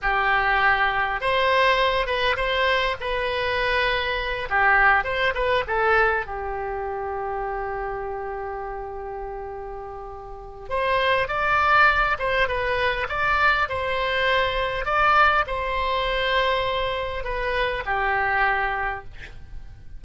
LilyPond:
\new Staff \with { instrumentName = "oboe" } { \time 4/4 \tempo 4 = 101 g'2 c''4. b'8 | c''4 b'2~ b'8 g'8~ | g'8 c''8 b'8 a'4 g'4.~ | g'1~ |
g'2 c''4 d''4~ | d''8 c''8 b'4 d''4 c''4~ | c''4 d''4 c''2~ | c''4 b'4 g'2 | }